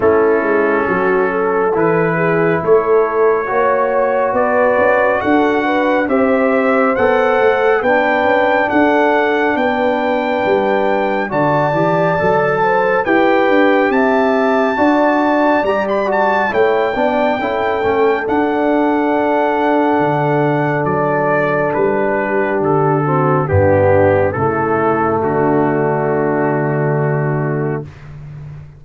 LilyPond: <<
  \new Staff \with { instrumentName = "trumpet" } { \time 4/4 \tempo 4 = 69 a'2 b'4 cis''4~ | cis''4 d''4 fis''4 e''4 | fis''4 g''4 fis''4 g''4~ | g''4 a''2 g''4 |
a''2 ais''16 b''16 a''8 g''4~ | g''4 fis''2. | d''4 b'4 a'4 g'4 | a'4 fis'2. | }
  \new Staff \with { instrumentName = "horn" } { \time 4/4 e'4 fis'8 a'4 gis'8 a'4 | cis''4 b'4 a'8 b'8 c''4~ | c''4 b'4 a'4 b'4~ | b'4 d''4. c''8 b'4 |
e''4 d''2 cis''8 d''8 | a'1~ | a'4. g'4 fis'8 d'4 | e'4 d'2. | }
  \new Staff \with { instrumentName = "trombone" } { \time 4/4 cis'2 e'2 | fis'2. g'4 | a'4 d'2.~ | d'4 fis'8 g'8 a'4 g'4~ |
g'4 fis'4 g'8 fis'8 e'8 d'8 | e'8 cis'8 d'2.~ | d'2~ d'8 c'8 b4 | a1 | }
  \new Staff \with { instrumentName = "tuba" } { \time 4/4 a8 gis8 fis4 e4 a4 | ais4 b8 cis'8 d'4 c'4 | b8 a8 b8 cis'8 d'4 b4 | g4 d8 e8 fis4 e'8 d'8 |
c'4 d'4 g4 a8 b8 | cis'8 a8 d'2 d4 | fis4 g4 d4 g,4 | cis4 d2. | }
>>